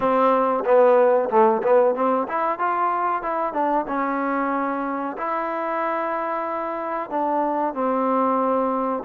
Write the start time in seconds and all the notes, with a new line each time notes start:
0.00 C4
0.65 B3
1.29 A3
1.62 B3
1.95 C4
2.28 E4
2.58 F4
3.22 E4
3.53 D4
3.87 C#4
5.17 E4
7.10 D4
7.74 C4